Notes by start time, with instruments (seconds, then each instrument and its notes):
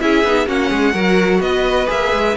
0.00 cello C#4, viola E4, violin G#4 E5
0.24 cello B3, viola D#4
0.46 cello A#3, viola C#4, violin F#4 F#5
0.69 cello G#3, violin G#4
0.93 cello F#3, viola F#4, violin A#4
1.40 cello B3, violin B4 D#5
1.86 cello A#3, viola G#4, violin E5
2.12 cello G#3